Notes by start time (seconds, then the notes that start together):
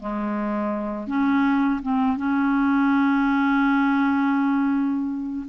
0.00 G#3
1.07 C#4
1.83 C4
2.17 C#4